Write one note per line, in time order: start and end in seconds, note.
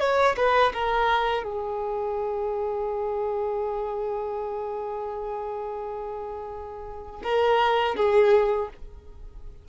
0.00 0.36 C#5
0.37 0.73 B4
0.74 1.44 A#4
1.44 7.22 G#4
7.24 7.96 A#4
7.96 8.69 G#4